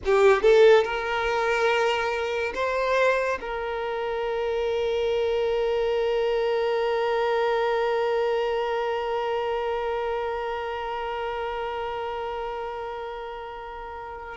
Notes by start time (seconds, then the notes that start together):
0.05 G4
0.42 A4
0.83 A#4
2.54 C5
3.40 A#4